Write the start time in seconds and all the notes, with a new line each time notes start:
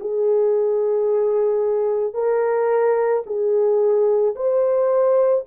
0.00 G#4
2.14 A#4
3.26 G#4
4.35 C5